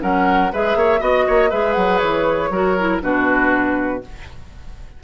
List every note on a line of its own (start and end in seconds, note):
0.00 0.52 F#3
0.00 0.50 C#4
0.00 0.52 A#4
0.00 0.52 F#5
0.53 0.75 G#3
0.53 0.99 G#4
0.53 0.78 B4
0.53 1.02 E5
0.75 1.00 A#3
0.75 1.00 C#5
0.99 1.25 B3
0.99 1.49 F#4
0.99 1.25 D#5
0.99 1.50 D#5
1.27 1.52 A#3
1.27 1.50 C#5
1.50 1.76 G#3
1.50 2.51 G#4
1.50 2.50 B4
1.50 1.73 E5
1.73 2.01 F#3
1.73 1.98 F#5
1.98 2.50 E3
1.98 2.98 C#5
2.50 3.00 F#3
2.50 2.77 F#4
2.50 3.02 A#4
2.78 3.01 E4
3.01 4.03 B2
3.01 4.01 D4
3.01 4.03 F#4
3.01 4.02 B4